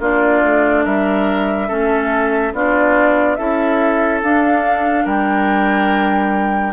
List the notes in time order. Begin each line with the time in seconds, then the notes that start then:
0.00 A#3 D4 F4 D5
0.43 A3
0.85 G3 A#4 E5
1.68 A3 C#4 A4
2.54 B3 D4 F4 D5
3.36 C#4 E4 A4 E5
4.23 D4 F5
5.05 G3 A#4 G5